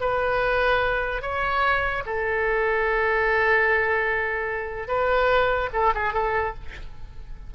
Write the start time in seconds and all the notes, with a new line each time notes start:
0.00 B4
1.22 C#5
2.06 A4
4.88 B4
5.73 A4
5.95 G#4
6.13 A4